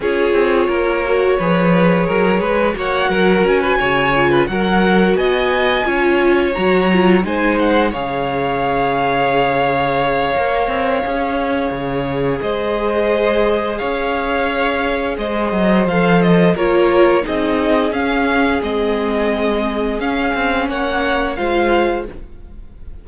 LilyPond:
<<
  \new Staff \with { instrumentName = "violin" } { \time 4/4 \tempo 4 = 87 cis''1 | fis''4 gis''4. fis''4 gis''8~ | gis''4. ais''4 gis''8 fis''8 f''8~ | f''1~ |
f''2 dis''2 | f''2 dis''4 f''8 dis''8 | cis''4 dis''4 f''4 dis''4~ | dis''4 f''4 fis''4 f''4 | }
  \new Staff \with { instrumentName = "violin" } { \time 4/4 gis'4 ais'4 b'4 ais'8 b'8 | cis''8 ais'8. b'16 cis''8. b'16 ais'4 dis''8~ | dis''8 cis''2 c''4 cis''8~ | cis''1~ |
cis''2 c''2 | cis''2 c''2 | ais'4 gis'2.~ | gis'2 cis''4 c''4 | }
  \new Staff \with { instrumentName = "viola" } { \time 4/4 f'4. fis'8 gis'2 | fis'2 f'8 fis'4.~ | fis'8 f'4 fis'8 f'8 dis'4 gis'8~ | gis'2. ais'4 |
gis'1~ | gis'2. a'4 | f'4 dis'4 cis'4 c'4~ | c'4 cis'2 f'4 | }
  \new Staff \with { instrumentName = "cello" } { \time 4/4 cis'8 c'8 ais4 f4 fis8 gis8 | ais8 fis8 cis'8 cis4 fis4 b8~ | b8 cis'4 fis4 gis4 cis8~ | cis2. ais8 c'8 |
cis'4 cis4 gis2 | cis'2 gis8 fis8 f4 | ais4 c'4 cis'4 gis4~ | gis4 cis'8 c'8 ais4 gis4 | }
>>